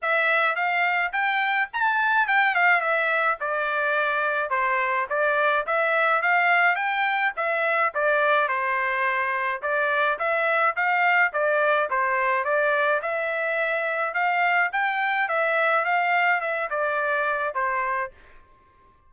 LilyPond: \new Staff \with { instrumentName = "trumpet" } { \time 4/4 \tempo 4 = 106 e''4 f''4 g''4 a''4 | g''8 f''8 e''4 d''2 | c''4 d''4 e''4 f''4 | g''4 e''4 d''4 c''4~ |
c''4 d''4 e''4 f''4 | d''4 c''4 d''4 e''4~ | e''4 f''4 g''4 e''4 | f''4 e''8 d''4. c''4 | }